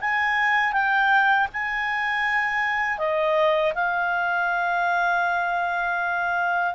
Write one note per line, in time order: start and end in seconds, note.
0.00 0.72 G#5
0.72 1.47 G5
1.52 2.98 G#5
2.98 3.73 D#5
3.74 6.74 F5